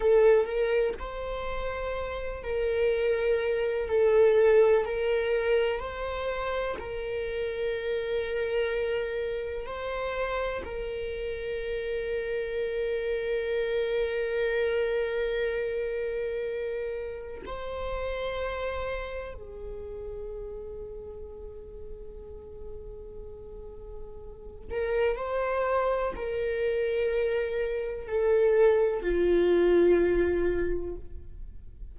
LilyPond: \new Staff \with { instrumentName = "viola" } { \time 4/4 \tempo 4 = 62 a'8 ais'8 c''4. ais'4. | a'4 ais'4 c''4 ais'4~ | ais'2 c''4 ais'4~ | ais'1~ |
ais'2 c''2 | gis'1~ | gis'4. ais'8 c''4 ais'4~ | ais'4 a'4 f'2 | }